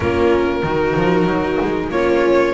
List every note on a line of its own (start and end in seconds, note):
0.00 0.63 A#3
0.00 0.62 C#4
0.00 0.65 F4
0.00 1.89 A#4
0.63 0.95 D#3
0.63 1.91 D#4
0.63 1.91 F#4
0.97 1.26 F3
1.26 1.58 F#3
1.61 1.89 G#3
1.89 2.53 A#3
1.89 2.54 C#4
1.89 2.54 F4
1.89 2.54 C#5